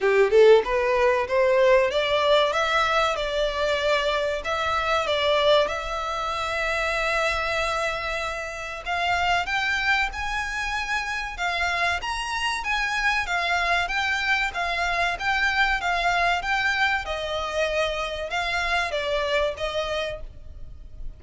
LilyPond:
\new Staff \with { instrumentName = "violin" } { \time 4/4 \tempo 4 = 95 g'8 a'8 b'4 c''4 d''4 | e''4 d''2 e''4 | d''4 e''2.~ | e''2 f''4 g''4 |
gis''2 f''4 ais''4 | gis''4 f''4 g''4 f''4 | g''4 f''4 g''4 dis''4~ | dis''4 f''4 d''4 dis''4 | }